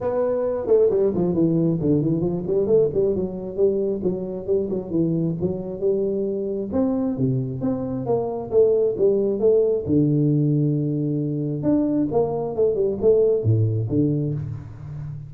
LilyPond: \new Staff \with { instrumentName = "tuba" } { \time 4/4 \tempo 4 = 134 b4. a8 g8 f8 e4 | d8 e8 f8 g8 a8 g8 fis4 | g4 fis4 g8 fis8 e4 | fis4 g2 c'4 |
c4 c'4 ais4 a4 | g4 a4 d2~ | d2 d'4 ais4 | a8 g8 a4 a,4 d4 | }